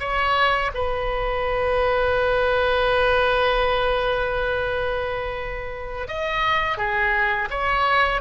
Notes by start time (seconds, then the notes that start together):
0.00 C#5
0.75 B4
6.08 D#5
6.78 G#4
7.51 C#5